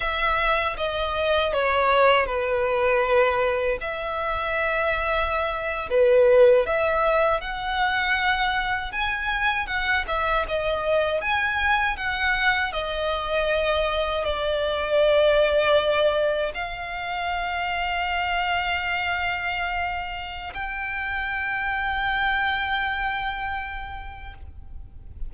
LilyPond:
\new Staff \with { instrumentName = "violin" } { \time 4/4 \tempo 4 = 79 e''4 dis''4 cis''4 b'4~ | b'4 e''2~ e''8. b'16~ | b'8. e''4 fis''2 gis''16~ | gis''8. fis''8 e''8 dis''4 gis''4 fis''16~ |
fis''8. dis''2 d''4~ d''16~ | d''4.~ d''16 f''2~ f''16~ | f''2. g''4~ | g''1 | }